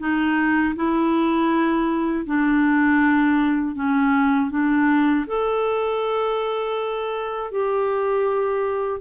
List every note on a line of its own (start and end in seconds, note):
0.00 0.75 D#4
0.76 2.26 E4
2.26 3.76 D4
3.76 4.51 C#4
4.51 5.26 D4
5.27 7.52 A4
7.52 9.01 G4